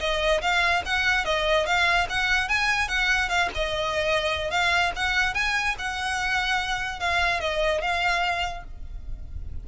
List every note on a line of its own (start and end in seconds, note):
0.00 0.41 D#5
0.42 0.83 F5
0.86 1.25 F#5
1.25 1.66 D#5
1.66 2.07 F5
2.10 2.49 F#5
2.49 2.88 G#5
2.88 3.29 F#5
3.29 3.50 F5
3.55 4.51 D#5
4.51 4.92 F5
4.96 5.34 F#5
5.34 5.76 G#5
5.79 7.00 F#5
7.00 7.40 F5
7.40 7.82 D#5
7.82 8.64 F5